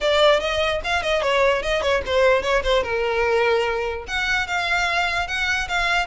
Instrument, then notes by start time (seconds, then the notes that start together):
violin
0.00 D5
0.40 D#5
0.83 F5
1.02 D#5
1.22 C#5
1.62 D#5
1.81 C#5
2.06 C5
2.42 C#5
2.63 C5
2.83 A#4
4.07 F#5
4.47 F5
5.27 F#5
5.68 F5